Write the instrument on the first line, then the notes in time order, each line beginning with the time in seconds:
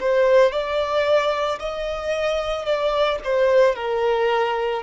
violin
0.00 C5
0.52 D5
1.59 D#5
2.65 D5
3.24 C5
3.75 A#4